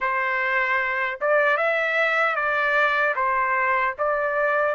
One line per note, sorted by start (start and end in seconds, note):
0.00 1.19 C5
1.21 1.57 D5
1.57 2.35 E5
2.35 3.14 D5
3.15 3.94 C5
3.98 4.75 D5